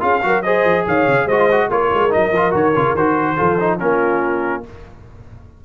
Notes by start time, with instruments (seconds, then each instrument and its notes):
0.00 tuba C#4, trombone F4, horn G#4, trumpet F5
0.22 tuba F#3, trombone F#4, horn A#4
0.42 trombone G#4, horn C5, trumpet D#5
0.64 tuba F3
0.87 tuba D#3, horn C#5, trumpet F5
1.07 tuba C#3
1.26 tuba G#3, trombone F#4, horn C5, trumpet D#5
1.39 trombone F4
1.51 trombone F#4
1.69 tuba A#3, trombone F4, horn A#4, trumpet C#5
1.93 tuba G#3
2.10 tuba F#3, trombone D#4, trumpet D#5
2.31 tuba F3, trombone F4
2.51 tuba D#3, trombone F#4, trumpet C#5
2.76 tuba C#3, trombone F4
2.94 tuba D#3, trombone F#4, trumpet C5
3.36 tuba F3, trombone F4, horn A4
3.60 trombone D#4
3.79 tuba A#3, trombone C#4, horn F4, trumpet A#4